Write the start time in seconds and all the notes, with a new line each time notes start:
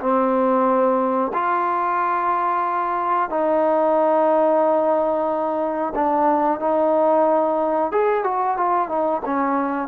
0.00 C4
1.33 F4
3.30 D#4
5.95 D4
6.60 D#4
7.92 G#4
8.24 F#4
8.57 F4
8.88 D#4
9.25 C#4